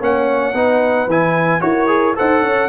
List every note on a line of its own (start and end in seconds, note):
0.00 0.54 A#3
0.00 0.54 C#4
0.00 0.54 C#5
0.00 1.10 F#5
0.54 1.07 B3
0.54 1.08 D#4
0.54 1.61 B4
1.07 1.60 E3
1.07 1.60 E4
1.07 1.61 G#5
1.60 2.16 E4
1.60 1.87 F#4
1.60 2.16 A#4
1.60 2.15 C#5
1.87 2.14 G#4
2.16 2.41 D#4
2.16 2.69 A4
2.16 2.42 C5
2.16 2.69 F#5
2.41 2.68 C#4
2.41 2.68 C#5